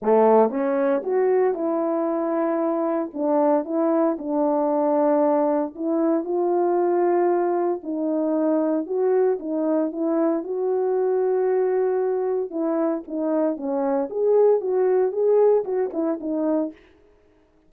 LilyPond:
\new Staff \with { instrumentName = "horn" } { \time 4/4 \tempo 4 = 115 a4 cis'4 fis'4 e'4~ | e'2 d'4 e'4 | d'2. e'4 | f'2. dis'4~ |
dis'4 fis'4 dis'4 e'4 | fis'1 | e'4 dis'4 cis'4 gis'4 | fis'4 gis'4 fis'8 e'8 dis'4 | }